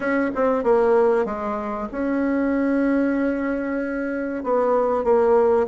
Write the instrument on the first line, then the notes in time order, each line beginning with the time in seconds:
bassoon
0.00 C#4
0.35 C4
0.63 A#3
1.25 G#3
1.91 C#4
4.43 B3
5.04 A#3